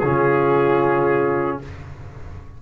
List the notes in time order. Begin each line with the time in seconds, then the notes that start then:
0.00 C#3 C#4 F4 G#4